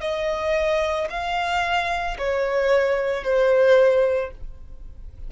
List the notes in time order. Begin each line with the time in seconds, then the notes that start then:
0.00 D#5
1.10 F5
2.18 C#5
3.23 C5